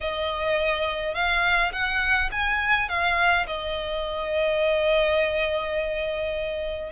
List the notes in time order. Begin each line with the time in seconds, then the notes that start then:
0.00 D#5
1.14 F5
1.72 F#5
2.31 G#5
2.88 F5
3.46 D#5